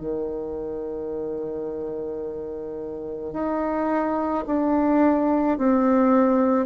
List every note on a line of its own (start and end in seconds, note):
0.00 3.33 D#3
3.33 4.44 D#4
4.46 5.58 D4
5.58 6.66 C4